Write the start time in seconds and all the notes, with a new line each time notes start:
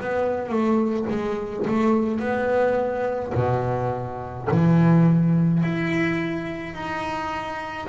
0.00 B3
0.49 A3
1.10 G#3
1.67 A3
2.20 B3
3.35 B2
4.51 E3
5.63 E4
6.74 D#4